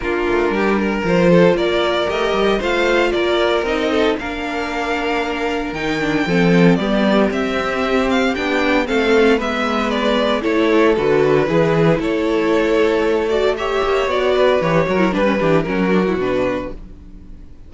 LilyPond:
<<
  \new Staff \with { instrumentName = "violin" } { \time 4/4 \tempo 4 = 115 ais'2 c''4 d''4 | dis''4 f''4 d''4 dis''4 | f''2. g''4~ | g''4 d''4 e''4. f''8 |
g''4 f''4 e''4 d''4 | cis''4 b'2 cis''4~ | cis''4. d''8 e''4 d''4 | cis''4 b'4 ais'4 b'4 | }
  \new Staff \with { instrumentName = "violin" } { \time 4/4 f'4 g'8 ais'4 a'8 ais'4~ | ais'4 c''4 ais'4. a'8 | ais'1 | a'4 g'2.~ |
g'4 a'4 b'2 | a'2 gis'4 a'4~ | a'2 cis''4. b'8~ | b'8 ais'8 b'8 g'8 fis'2 | }
  \new Staff \with { instrumentName = "viola" } { \time 4/4 d'2 f'2 | g'4 f'2 dis'4 | d'2. dis'8 d'8 | c'4 b4 c'2 |
d'4 c'4 b2 | e'4 fis'4 e'2~ | e'4. fis'8 g'4 fis'4 | g'8 fis'16 e'16 d'16 cis'16 d'8 cis'8 d'16 e'16 d'4 | }
  \new Staff \with { instrumentName = "cello" } { \time 4/4 ais8 a8 g4 f4 ais4 | a8 g8 a4 ais4 c'4 | ais2. dis4 | f4 g4 c'2 |
b4 a4 gis2 | a4 d4 e4 a4~ | a2~ a8 ais8 b4 | e8 fis8 g8 e8 fis4 b,4 | }
>>